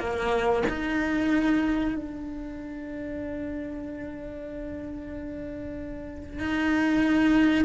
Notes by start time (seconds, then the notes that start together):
0.00 A#3
0.69 D#4
1.96 D4
6.40 D#4